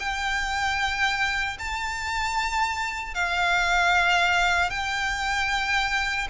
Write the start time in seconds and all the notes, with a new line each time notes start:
0.00 G5
1.59 A5
3.15 F5
4.70 G5